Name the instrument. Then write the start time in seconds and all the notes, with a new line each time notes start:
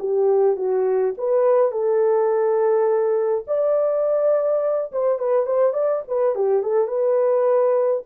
horn
0.00 G4
0.57 F#4
1.18 B4
1.72 A4
3.48 D5
4.92 C5
5.19 B4
5.47 C5
5.74 D5
6.08 B4
6.36 G4
6.63 A4
6.88 B4